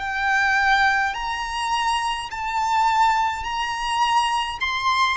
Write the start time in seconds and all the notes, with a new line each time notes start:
0.00 G5
1.14 A#5
2.31 A5
3.44 A#5
4.60 C6